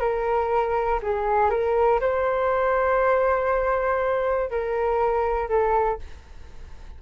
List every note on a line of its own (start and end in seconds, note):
0.00 1.00 A#4
1.02 1.50 G#4
1.50 2.00 A#4
2.00 4.50 C5
4.50 5.49 A#4
5.49 5.99 A4